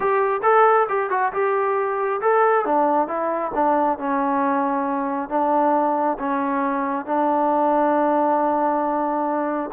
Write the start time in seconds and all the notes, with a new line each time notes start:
0.00 G4
0.43 A4
0.88 G4
1.10 F#4
1.32 G4
2.21 A4
2.65 D4
3.07 E4
3.54 D4
3.98 C#4
5.29 D4
6.18 C#4
7.05 D4